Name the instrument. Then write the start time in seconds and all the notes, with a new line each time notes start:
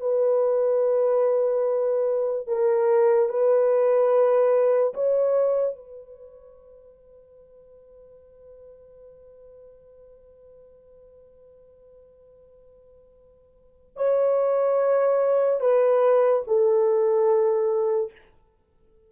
horn
0.00 B4
2.47 A#4
3.29 B4
4.94 C#5
5.76 B4
13.96 C#5
15.60 B4
16.47 A4